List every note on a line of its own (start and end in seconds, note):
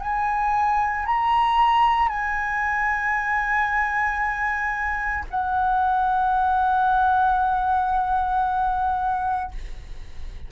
0.00 1.05 G#5
1.05 2.08 A#5
2.08 5.24 G#5
5.30 9.51 F#5